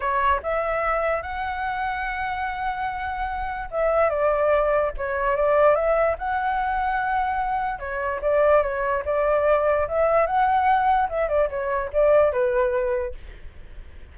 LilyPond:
\new Staff \with { instrumentName = "flute" } { \time 4/4 \tempo 4 = 146 cis''4 e''2 fis''4~ | fis''1~ | fis''4 e''4 d''2 | cis''4 d''4 e''4 fis''4~ |
fis''2. cis''4 | d''4 cis''4 d''2 | e''4 fis''2 e''8 d''8 | cis''4 d''4 b'2 | }